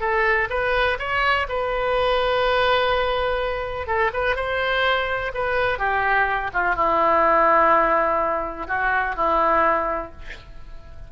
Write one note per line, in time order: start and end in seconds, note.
0.00 0.48 A4
0.50 0.98 B4
0.99 1.47 C#5
1.49 3.87 B4
3.87 4.11 A4
4.13 4.36 B4
4.36 5.32 C5
5.34 5.78 B4
5.78 6.50 G4
6.54 6.75 F4
6.75 8.67 E4
8.68 9.16 F#4
9.16 10.12 E4